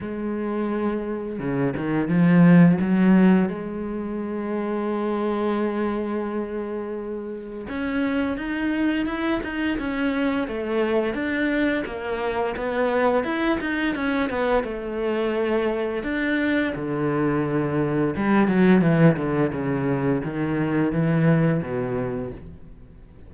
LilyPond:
\new Staff \with { instrumentName = "cello" } { \time 4/4 \tempo 4 = 86 gis2 cis8 dis8 f4 | fis4 gis2.~ | gis2. cis'4 | dis'4 e'8 dis'8 cis'4 a4 |
d'4 ais4 b4 e'8 dis'8 | cis'8 b8 a2 d'4 | d2 g8 fis8 e8 d8 | cis4 dis4 e4 b,4 | }